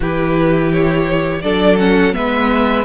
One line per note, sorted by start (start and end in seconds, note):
0.00 1.43 E3
0.00 1.43 E4
0.00 1.42 G4
0.00 0.72 B4
0.72 1.41 C#5
1.41 2.14 F#3
1.41 1.79 D4
1.41 2.15 A4
1.41 1.77 D5
1.78 2.12 C#4
1.78 2.14 F#5
2.12 2.84 G#3
2.12 2.84 B3
2.12 2.84 B4
2.12 2.84 E5